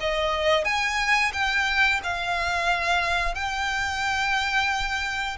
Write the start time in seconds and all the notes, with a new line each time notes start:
0.00 D#5
0.64 G#5
1.33 G5
2.03 F5
3.34 G5